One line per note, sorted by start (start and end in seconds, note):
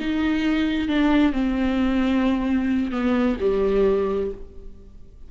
0.00 0.89 D#4
0.89 1.33 D4
1.33 2.92 C4
2.92 3.37 B3
3.40 4.31 G3